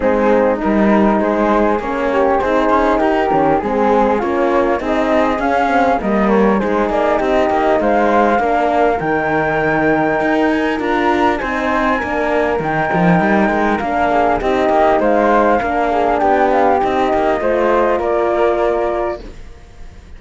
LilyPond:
<<
  \new Staff \with { instrumentName = "flute" } { \time 4/4 \tempo 4 = 100 gis'4 ais'4 c''4 cis''4 | c''4 ais'4 gis'4 cis''4 | dis''4 f''4 dis''8 cis''8 c''8 d''8 | dis''4 f''2 g''4~ |
g''4. gis''8 ais''4 gis''4~ | gis''4 g''2 f''4 | dis''4 f''2 g''8 f''8 | dis''2 d''2 | }
  \new Staff \with { instrumentName = "flute" } { \time 4/4 dis'2 gis'4. g'8 | gis'4 g'4 gis'4 f'4 | gis'2 ais'4 gis'4 | g'4 c''4 ais'2~ |
ais'2. c''4 | ais'2.~ ais'8 gis'8 | g'4 c''4 ais'8 gis'8 g'4~ | g'4 c''4 ais'2 | }
  \new Staff \with { instrumentName = "horn" } { \time 4/4 c'4 dis'2 cis'4 | dis'4. cis'8 c'4 cis'4 | dis'4 cis'8 c'8 ais4 dis'4~ | dis'2 d'4 dis'4~ |
dis'2 f'4 dis'4 | d'4 dis'2 d'4 | dis'2 d'2 | dis'4 f'2. | }
  \new Staff \with { instrumentName = "cello" } { \time 4/4 gis4 g4 gis4 ais4 | c'8 cis'8 dis'8 dis8 gis4 ais4 | c'4 cis'4 g4 gis8 ais8 | c'8 ais8 gis4 ais4 dis4~ |
dis4 dis'4 d'4 c'4 | ais4 dis8 f8 g8 gis8 ais4 | c'8 ais8 gis4 ais4 b4 | c'8 ais8 a4 ais2 | }
>>